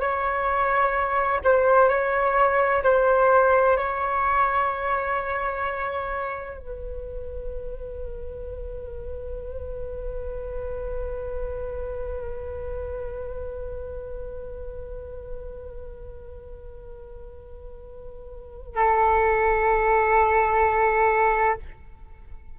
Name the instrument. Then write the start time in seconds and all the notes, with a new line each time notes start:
flute
0.00 C#5
1.44 C5
1.89 C#5
2.83 C5
3.77 C#5
6.58 B4
18.75 A4